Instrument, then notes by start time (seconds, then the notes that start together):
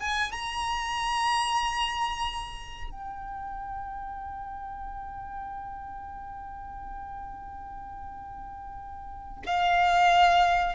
violin
0.00 G#5
0.32 A#5
2.91 G5
9.46 F5